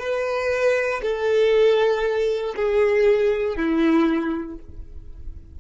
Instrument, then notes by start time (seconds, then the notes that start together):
violin
0.00 B4
1.03 A4
2.57 G#4
3.57 E4